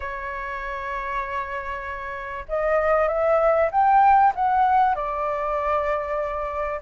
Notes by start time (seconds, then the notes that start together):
0.00 C#5
2.48 D#5
3.08 E5
3.71 G5
4.35 F#5
4.95 D5